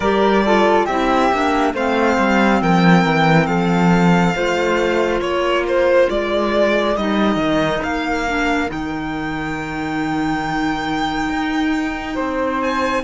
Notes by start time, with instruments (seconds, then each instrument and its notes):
0.00 cello G3, clarinet G4, flute A#4, violin D5
0.45 clarinet F4, flute A4
0.85 cello C4, clarinet E4, flute G4, violin E5
1.31 cello A#3, clarinet D4
1.74 cello A3, clarinet C4, flute C5, violin F5
2.18 cello G3
2.61 cello F3, flute A#4, violin G5
3.05 cello E3
3.46 cello F3, flute A4, violin F5
4.35 cello A3, clarinet F4, flute C5
5.20 cello A#3, flute A#4, violin C#5
5.67 violin C5
6.09 cello G#3, violin D5
6.96 cello G3, clarinet D#4, violin D#5
7.35 cello D#3
7.83 cello A#3, violin F5
8.27 clarinet D4
8.67 cello D#3, clarinet D#4, violin G5
11.29 cello D#4
12.15 cello C4, flute C5
12.61 violin G#5